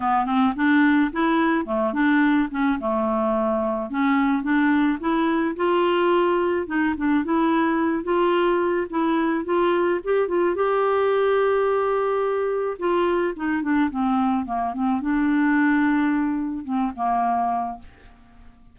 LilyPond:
\new Staff \with { instrumentName = "clarinet" } { \time 4/4 \tempo 4 = 108 b8 c'8 d'4 e'4 a8 d'8~ | d'8 cis'8 a2 cis'4 | d'4 e'4 f'2 | dis'8 d'8 e'4. f'4. |
e'4 f'4 g'8 f'8 g'4~ | g'2. f'4 | dis'8 d'8 c'4 ais8 c'8 d'4~ | d'2 c'8 ais4. | }